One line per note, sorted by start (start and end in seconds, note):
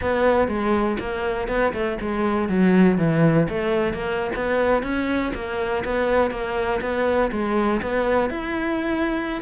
0.01 0.48 B3
0.48 0.97 G#3
0.99 1.48 A#3
1.48 1.72 B3
1.73 1.97 A3
2.01 2.48 G#3
2.48 2.98 F#3
2.98 3.47 E3
3.49 3.93 A3
3.93 4.30 A#3
4.35 4.82 B3
4.82 5.32 C#4
5.34 5.84 A#3
5.84 6.30 B3
6.30 6.80 A#3
6.81 7.30 B3
7.31 7.81 G#3
7.82 8.29 B3
8.29 9.41 E4